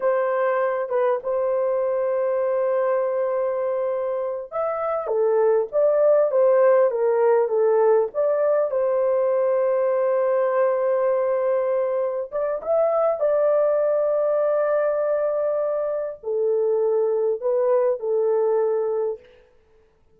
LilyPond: \new Staff \with { instrumentName = "horn" } { \time 4/4 \tempo 4 = 100 c''4. b'8 c''2~ | c''2.~ c''8 e''8~ | e''8 a'4 d''4 c''4 ais'8~ | ais'8 a'4 d''4 c''4.~ |
c''1~ | c''8 d''8 e''4 d''2~ | d''2. a'4~ | a'4 b'4 a'2 | }